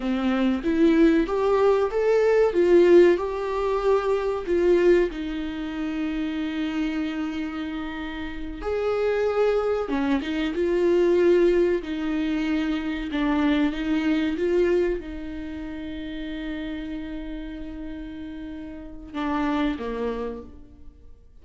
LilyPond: \new Staff \with { instrumentName = "viola" } { \time 4/4 \tempo 4 = 94 c'4 e'4 g'4 a'4 | f'4 g'2 f'4 | dis'1~ | dis'4. gis'2 cis'8 |
dis'8 f'2 dis'4.~ | dis'8 d'4 dis'4 f'4 dis'8~ | dis'1~ | dis'2 d'4 ais4 | }